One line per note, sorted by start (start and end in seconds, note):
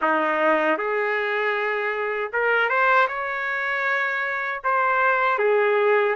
0.01 0.77 D#4
0.77 2.31 G#4
2.33 2.69 A#4
2.69 3.07 C5
3.08 4.62 C#5
4.64 5.38 C5
5.38 6.15 G#4